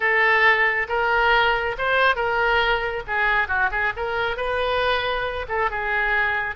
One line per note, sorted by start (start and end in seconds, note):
0.00 0.87 A4
0.88 1.76 A#4
1.78 2.15 C5
2.15 3.03 A#4
3.07 3.48 G#4
3.48 3.69 F#4
3.71 3.93 G#4
3.96 4.36 A#4
4.36 5.46 B4
5.48 5.70 A4
5.70 6.55 G#4